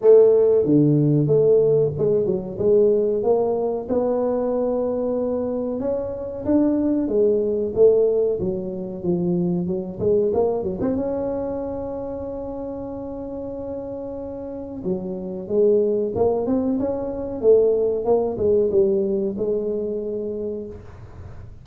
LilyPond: \new Staff \with { instrumentName = "tuba" } { \time 4/4 \tempo 4 = 93 a4 d4 a4 gis8 fis8 | gis4 ais4 b2~ | b4 cis'4 d'4 gis4 | a4 fis4 f4 fis8 gis8 |
ais8 fis16 c'16 cis'2.~ | cis'2. fis4 | gis4 ais8 c'8 cis'4 a4 | ais8 gis8 g4 gis2 | }